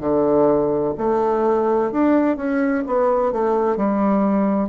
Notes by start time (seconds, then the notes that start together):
0.00 D3
0.98 A3
1.92 D4
2.37 C#4
2.86 B3
3.32 A3
3.76 G3